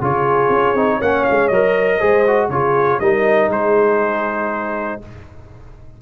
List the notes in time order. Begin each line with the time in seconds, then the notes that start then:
0.00 C#3 F4 G#4 C#5
0.49 C#4
0.74 C4 D#4
0.97 A#3 C#4 C#5 F#5
1.24 G#3 F5
1.48 F#3 A#4 D#5
1.97 G#3 G#4 C5
2.27 F#4
2.49 C#3 F4 G#4 C#5
2.99 G3 D#4 A#4 D#5
3.48 G#3 G#4 C5